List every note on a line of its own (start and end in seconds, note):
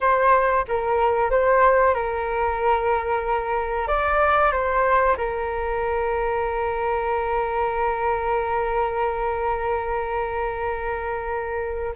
0.00 0.65 C5
0.67 1.30 A#4
1.30 1.94 C5
1.94 3.87 A#4
3.87 4.52 D5
4.52 5.16 C5
5.17 11.94 A#4